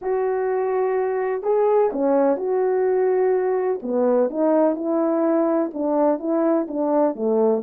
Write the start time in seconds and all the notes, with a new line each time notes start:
0.01 F#4
1.42 G#4
1.92 C#4
2.37 F#4
3.82 B3
4.29 D#4
4.75 E4
5.73 D4
6.19 E4
6.68 D4
7.15 A3